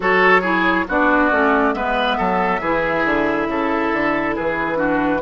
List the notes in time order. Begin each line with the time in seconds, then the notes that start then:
0.00 F#3 F#4 A4 C#5
0.41 E4 G#4
0.88 B3 D4 F#4 D5
1.31 A3 C#4
1.73 G#3 B3 B4 E5
2.17 F#3 A4
2.60 E3 E4 G#4
3.04 D3
3.47 C#3 A4
3.93 D3
4.35 E3 G#4 B4
4.75 D4 F#4